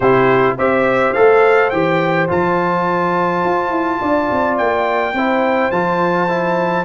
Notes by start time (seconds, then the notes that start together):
0.00 C3 E4 G4 C5
0.57 C4 G4 C5 E5
1.13 A3 A4 F5
1.69 E3 G4 G5
2.28 F3 F4 A5
3.44 F4
3.70 E4
4.01 D4 D5
4.30 C4
4.57 A#3 G5
5.13 C4 E4 C5
5.71 F3 F4 A5
6.28 E4